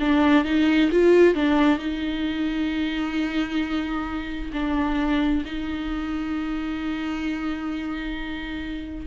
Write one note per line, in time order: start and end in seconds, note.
0.00 0.45 D4
0.45 0.90 D#4
0.92 1.35 F4
1.35 1.79 D4
1.79 4.52 D#4
4.53 5.44 D4
5.45 9.07 D#4